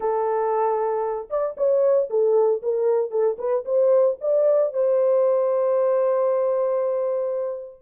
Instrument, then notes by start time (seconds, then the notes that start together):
horn
0.00 A4
1.30 D5
1.57 C#5
2.10 A4
2.62 A#4
3.10 A4
3.38 B4
3.65 C5
4.20 D5
4.73 C5